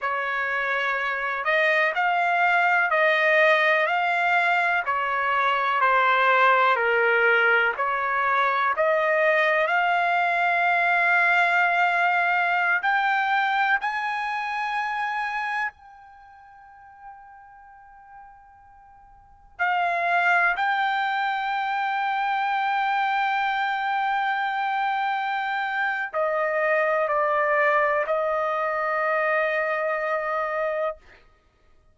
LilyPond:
\new Staff \with { instrumentName = "trumpet" } { \time 4/4 \tempo 4 = 62 cis''4. dis''8 f''4 dis''4 | f''4 cis''4 c''4 ais'4 | cis''4 dis''4 f''2~ | f''4~ f''16 g''4 gis''4.~ gis''16~ |
gis''16 g''2.~ g''8.~ | g''16 f''4 g''2~ g''8.~ | g''2. dis''4 | d''4 dis''2. | }